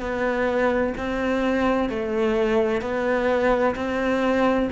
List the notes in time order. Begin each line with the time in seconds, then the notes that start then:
0.00 B3
0.98 C4
1.90 A3
2.81 B3
3.75 C4